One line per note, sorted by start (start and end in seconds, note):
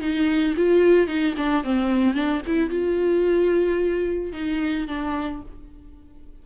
0.00 0.55 D#4
0.57 1.07 F4
1.07 1.35 D#4
1.37 1.63 D4
1.63 2.14 C4
2.14 2.41 D4
2.46 2.70 E4
2.70 4.33 F4
4.33 4.87 D#4
4.87 5.42 D4